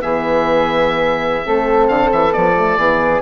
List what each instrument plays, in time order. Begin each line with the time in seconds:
0.00 bassoon E3, horn B3, flute G#4, oboe E5
1.43 bassoon A3, horn C4, flute A4
1.88 bassoon D3, oboe F5
2.12 bassoon E3, oboe E5
2.32 bassoon F3, horn B3, oboe D5
2.56 horn A3
2.77 bassoon E3, horn B3, flute G#4